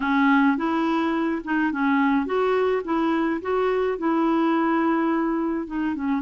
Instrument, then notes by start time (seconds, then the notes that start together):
clarinet
0.00 C#4
0.57 E4
1.44 D#4
1.72 C#4
2.25 F#4
2.84 E4
3.41 F#4
3.98 E4
5.66 D#4
5.95 C#4